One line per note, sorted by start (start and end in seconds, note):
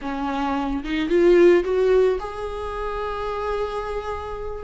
0.01 0.83 C#4
0.84 1.09 D#4
1.09 1.63 F4
1.64 2.18 F#4
2.19 4.63 G#4